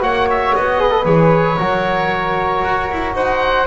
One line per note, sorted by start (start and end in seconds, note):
0.00 0.54 A#3
0.00 0.78 F#4
0.00 0.81 C#5
0.00 0.28 F#5
0.30 0.55 E5
0.55 1.05 B3
0.55 1.05 D#5
0.78 0.90 G#4
0.78 1.58 B4
0.90 1.03 A4
1.05 1.57 E3
1.05 1.57 G#4
1.05 3.14 C#5
1.58 2.64 F#3
1.58 3.67 F#4
1.58 3.15 A#4
2.64 2.90 F#4
2.91 3.14 E4
3.14 3.66 D#4
3.14 3.67 C5
3.14 3.67 F#5